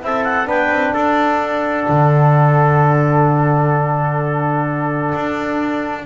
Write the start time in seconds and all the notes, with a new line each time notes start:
0.00 C4 E4 A4 E5
0.24 F#5
0.45 B3 D4 B4 G5
0.70 C4
0.93 D4 A4 F#5
1.88 D3
5.14 D4